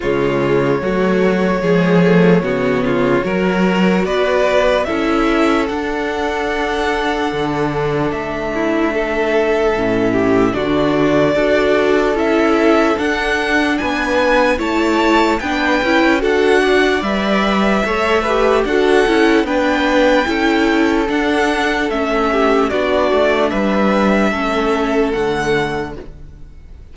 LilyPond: <<
  \new Staff \with { instrumentName = "violin" } { \time 4/4 \tempo 4 = 74 cis''1~ | cis''4 d''4 e''4 fis''4~ | fis''2 e''2~ | e''4 d''2 e''4 |
fis''4 gis''4 a''4 g''4 | fis''4 e''2 fis''4 | g''2 fis''4 e''4 | d''4 e''2 fis''4 | }
  \new Staff \with { instrumentName = "violin" } { \time 4/4 f'4 fis'4 gis'4 fis'8 f'8 | ais'4 b'4 a'2~ | a'2~ a'8 e'8 a'4~ | a'8 g'8 fis'4 a'2~ |
a'4 b'4 cis''4 b'4 | a'8 d''4. cis''8 b'8 a'4 | b'4 a'2~ a'8 g'8 | fis'4 b'4 a'2 | }
  \new Staff \with { instrumentName = "viola" } { \time 4/4 gis4 a4 gis8 a8 b4 | fis'2 e'4 d'4~ | d'1 | cis'4 d'4 fis'4 e'4 |
d'2 e'4 d'8 e'8 | fis'4 b'4 a'8 g'8 fis'8 e'8 | d'4 e'4 d'4 cis'4 | d'2 cis'4 a4 | }
  \new Staff \with { instrumentName = "cello" } { \time 4/4 cis4 fis4 f4 cis4 | fis4 b4 cis'4 d'4~ | d'4 d4 a2 | a,4 d4 d'4 cis'4 |
d'4 b4 a4 b8 cis'8 | d'4 g4 a4 d'8 cis'8 | b4 cis'4 d'4 a4 | b8 a8 g4 a4 d4 | }
>>